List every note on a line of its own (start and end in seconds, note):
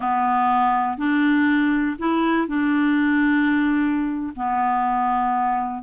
0.00 0.97 B3
0.97 1.97 D4
1.98 2.47 E4
2.47 4.33 D4
4.36 5.83 B3